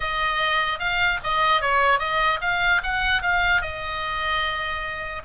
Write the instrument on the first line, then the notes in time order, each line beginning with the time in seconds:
oboe
0.00 D#5
0.79 F5
1.23 D#5
1.61 C#5
1.99 D#5
2.41 F5
2.83 F#5
3.22 F5
3.61 D#5